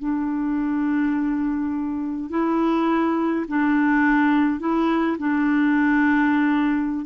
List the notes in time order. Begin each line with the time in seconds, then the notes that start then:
0.00 D4
2.31 E4
3.49 D4
4.60 E4
5.19 D4